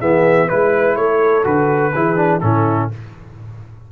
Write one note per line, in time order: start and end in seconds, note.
0.00 0.50 E3
0.00 0.49 B3
0.00 0.47 G#4
0.00 0.49 E5
0.47 0.96 G#3
0.47 1.44 E4
0.47 0.96 B4
0.96 1.45 A3
0.96 1.93 A4
0.96 1.44 C#5
1.44 1.94 D3
1.44 1.92 F#4
1.44 2.41 B4
1.93 2.42 E3
1.93 2.16 E4
1.93 2.41 G#4
2.16 2.40 D4
2.41 2.91 A2
2.41 2.91 C#4
2.41 2.92 E4
2.41 2.89 A4